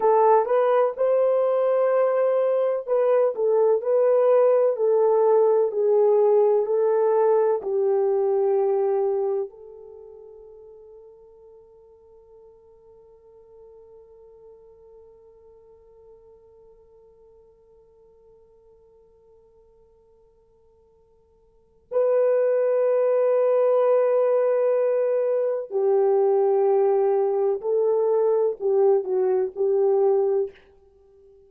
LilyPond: \new Staff \with { instrumentName = "horn" } { \time 4/4 \tempo 4 = 63 a'8 b'8 c''2 b'8 a'8 | b'4 a'4 gis'4 a'4 | g'2 a'2~ | a'1~ |
a'1~ | a'2. b'4~ | b'2. g'4~ | g'4 a'4 g'8 fis'8 g'4 | }